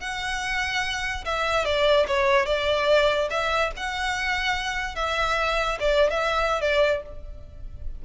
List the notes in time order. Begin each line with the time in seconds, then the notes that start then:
0.00 F#5
1.25 E5
1.65 D5
2.07 C#5
2.46 D5
3.30 E5
3.76 F#5
4.95 E5
5.79 D5
6.10 E5
6.61 D5